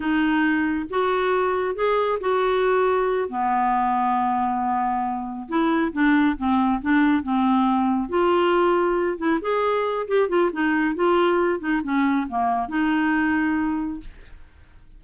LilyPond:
\new Staff \with { instrumentName = "clarinet" } { \time 4/4 \tempo 4 = 137 dis'2 fis'2 | gis'4 fis'2~ fis'8 b8~ | b1~ | b8 e'4 d'4 c'4 d'8~ |
d'8 c'2 f'4.~ | f'4 e'8 gis'4. g'8 f'8 | dis'4 f'4. dis'8 cis'4 | ais4 dis'2. | }